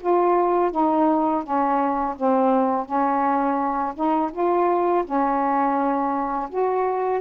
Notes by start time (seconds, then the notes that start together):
0.00 F4
0.71 D#4
1.43 C#4
2.16 C4
2.85 C#4
3.94 D#4
4.32 F4
5.04 C#4
6.49 F#4